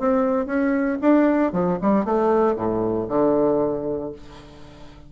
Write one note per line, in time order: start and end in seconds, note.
0.00 0.47 C4
0.47 0.99 C#4
1.02 1.53 D4
1.53 1.79 F3
1.82 2.05 G3
2.05 2.57 A3
2.57 3.08 A2
3.09 4.13 D3